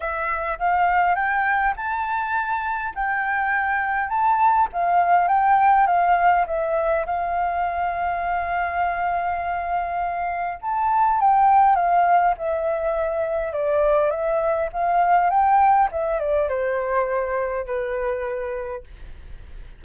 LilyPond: \new Staff \with { instrumentName = "flute" } { \time 4/4 \tempo 4 = 102 e''4 f''4 g''4 a''4~ | a''4 g''2 a''4 | f''4 g''4 f''4 e''4 | f''1~ |
f''2 a''4 g''4 | f''4 e''2 d''4 | e''4 f''4 g''4 e''8 d''8 | c''2 b'2 | }